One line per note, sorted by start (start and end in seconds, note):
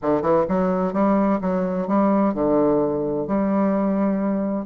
0.02 0.22 D3
0.22 0.45 E3
0.48 0.93 F#3
0.93 1.39 G3
1.41 1.87 F#3
1.87 2.34 G3
2.34 3.27 D3
3.27 4.65 G3